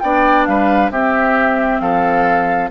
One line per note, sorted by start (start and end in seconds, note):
0.00 0.47 B3
0.00 0.93 D4
0.00 0.48 D5
0.00 0.45 G5
0.46 0.90 G3
0.46 0.91 B4
0.46 0.90 F5
0.90 1.79 C4
0.90 2.70 C4
0.90 1.81 G4
0.90 1.79 E5
1.79 2.70 F3
1.79 2.70 A4
1.79 2.69 F5